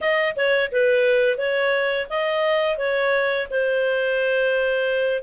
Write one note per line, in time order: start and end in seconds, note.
0.00 0.35 D#5
0.36 0.70 C#5
0.71 1.37 B4
1.37 2.07 C#5
2.09 2.77 D#5
2.77 3.47 C#5
3.50 5.23 C5